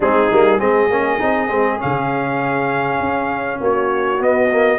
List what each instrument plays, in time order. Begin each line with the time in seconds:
0.00 tuba G#3, trombone C4, horn D#4, trumpet G#4
0.31 tuba G3, trombone A#3
0.58 tuba G#3, trombone C4, horn G#4, trumpet D#5
0.90 tuba A#3, trombone C#4
1.18 tuba C4, trombone D#4
1.48 tuba G#3, trombone C4
1.78 tuba C#3, trombone C#4, trumpet F5
3.00 tuba C#4
3.60 tuba A#3, horn F#4, trumpet C#5
4.19 trombone B3, tuba B3, trumpet D#5
4.50 trombone A#3